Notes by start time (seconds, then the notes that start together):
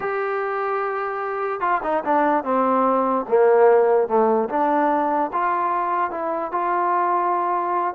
0.00 G4
1.60 F4
1.83 D#4
2.04 D4
2.44 C4
3.28 A#3
4.08 A3
4.49 D4
5.32 F4
6.11 E4
6.51 F4